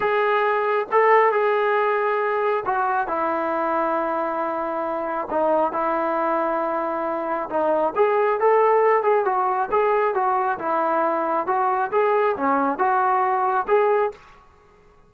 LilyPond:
\new Staff \with { instrumentName = "trombone" } { \time 4/4 \tempo 4 = 136 gis'2 a'4 gis'4~ | gis'2 fis'4 e'4~ | e'1 | dis'4 e'2.~ |
e'4 dis'4 gis'4 a'4~ | a'8 gis'8 fis'4 gis'4 fis'4 | e'2 fis'4 gis'4 | cis'4 fis'2 gis'4 | }